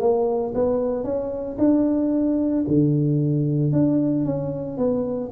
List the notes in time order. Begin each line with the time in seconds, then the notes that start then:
0.00 A#3
0.54 B3
1.04 C#4
1.59 D4
2.68 D3
3.72 D4
4.25 C#4
4.78 B3